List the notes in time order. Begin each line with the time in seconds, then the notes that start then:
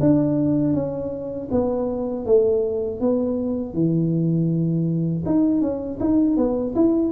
0.00 D4
0.74 C#4
1.51 B3
2.26 A3
3.01 B3
3.74 E3
5.26 D#4
5.61 C#4
6.00 D#4
6.37 B3
6.75 E4